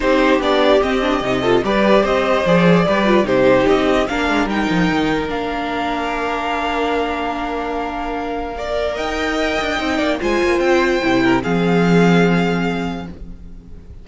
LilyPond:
<<
  \new Staff \with { instrumentName = "violin" } { \time 4/4 \tempo 4 = 147 c''4 d''4 dis''2 | d''4 dis''4 d''2 | c''4 dis''4 f''4 g''4~ | g''4 f''2.~ |
f''1~ | f''2 g''2~ | g''4 gis''4 g''2 | f''1 | }
  \new Staff \with { instrumentName = "violin" } { \time 4/4 g'2.~ g'8 a'8 | b'4 c''2 b'4 | g'2 ais'2~ | ais'1~ |
ais'1~ | ais'4 d''4 dis''2~ | dis''8 d''8 c''2~ c''8 ais'8 | gis'1 | }
  \new Staff \with { instrumentName = "viola" } { \time 4/4 dis'4 d'4 c'8 d'8 dis'8 f'8 | g'2 gis'4 g'8 f'8 | dis'2 d'4 dis'4~ | dis'4 d'2.~ |
d'1~ | d'4 ais'2. | dis'4 f'2 e'4 | c'1 | }
  \new Staff \with { instrumentName = "cello" } { \time 4/4 c'4 b4 c'4 c4 | g4 c'4 f4 g4 | c4 c'4 ais8 gis8 g8 f8 | dis4 ais2.~ |
ais1~ | ais2 dis'4. d'8 | c'8 ais8 gis8 ais8 c'4 c4 | f1 | }
>>